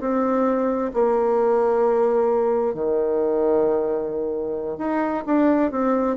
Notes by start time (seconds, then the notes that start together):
0.00 C4
0.93 A#3
2.74 D#3
4.78 D#4
5.26 D4
5.71 C4